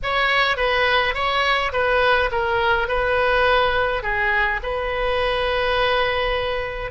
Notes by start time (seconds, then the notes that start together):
0.02 C#5
0.56 B4
1.14 C#5
1.72 B4
2.31 A#4
2.87 B4
4.02 G#4
4.63 B4